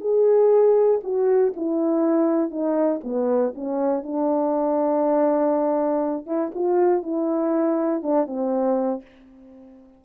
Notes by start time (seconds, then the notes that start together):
0.00 G#4
1.03 F#4
1.55 E4
2.50 D#4
3.03 B3
3.55 C#4
4.03 D4
6.26 E4
6.54 F4
7.02 E4
8.02 D4
8.26 C4